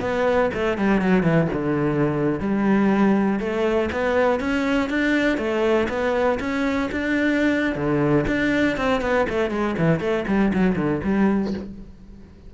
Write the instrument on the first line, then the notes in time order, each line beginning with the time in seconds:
cello
0.00 B3
0.54 A3
0.77 G3
1.01 F#3
1.22 E3
1.52 D3
2.40 G3
3.39 A3
3.92 B3
4.40 C#4
4.89 D4
5.37 A3
5.88 B3
6.40 C#4
6.91 D4
7.75 D3
8.27 D4
8.76 C4
9.01 B3
9.29 A3
9.50 G#3
9.78 E3
10.00 A3
10.27 G3
10.53 F#3
10.75 D3
11.03 G3